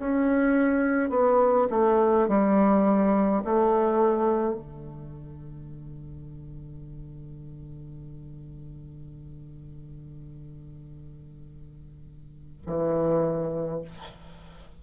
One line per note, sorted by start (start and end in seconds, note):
0.00 1.10 C#4
1.10 1.68 B3
1.70 2.28 A3
2.28 3.44 G3
3.45 4.55 A3
4.55 12.62 D3
12.67 13.82 E3